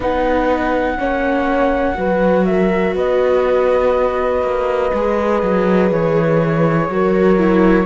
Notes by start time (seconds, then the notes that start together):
0.00 B3 D#4 B4 F#5
0.98 A#3 C#4 C#5
1.95 F#3 F#4 B4
2.45 A#4 E5
2.95 B3 B4 D#5
4.42 A#3
4.93 G#3 G#4
5.42 F#3
5.91 E3 C#5
6.89 F#3 F#4 A#4
7.38 E4